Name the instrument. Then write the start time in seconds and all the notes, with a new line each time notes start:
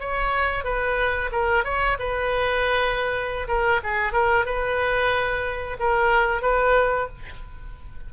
oboe
0.00 C#5
0.64 B4
1.32 A#4
1.64 C#5
1.99 B4
3.48 A#4
3.83 G#4
4.13 A#4
4.45 B4
5.79 A#4
6.42 B4